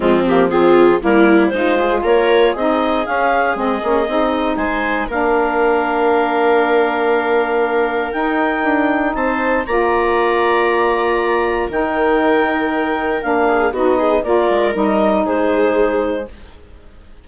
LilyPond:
<<
  \new Staff \with { instrumentName = "clarinet" } { \time 4/4 \tempo 4 = 118 f'8 g'8 gis'4 ais'4 c''4 | cis''4 dis''4 f''4 dis''4~ | dis''4 gis''4 f''2~ | f''1 |
g''2 a''4 ais''4~ | ais''2. g''4~ | g''2 f''4 dis''4 | d''4 dis''4 c''2 | }
  \new Staff \with { instrumentName = "viola" } { \time 4/4 c'4 f'4 e'4 dis'8 gis'8 | ais'4 gis'2.~ | gis'4 c''4 ais'2~ | ais'1~ |
ais'2 c''4 d''4~ | d''2. ais'4~ | ais'2~ ais'8 gis'8 fis'8 gis'8 | ais'2 gis'2 | }
  \new Staff \with { instrumentName = "saxophone" } { \time 4/4 gis8 ais8 c'4 ais4 f'4~ | f'4 dis'4 cis'4 c'8 cis'8 | dis'2 d'2~ | d'1 |
dis'2. f'4~ | f'2. dis'4~ | dis'2 d'4 dis'4 | f'4 dis'2. | }
  \new Staff \with { instrumentName = "bassoon" } { \time 4/4 f2 g4 gis4 | ais4 c'4 cis'4 gis8 ais8 | c'4 gis4 ais2~ | ais1 |
dis'4 d'4 c'4 ais4~ | ais2. dis4~ | dis2 ais4 b4 | ais8 gis8 g4 gis2 | }
>>